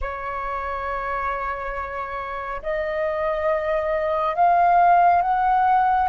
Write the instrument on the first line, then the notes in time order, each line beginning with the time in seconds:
flute
0.01 C#5
2.62 D#5
4.35 F5
5.21 F#5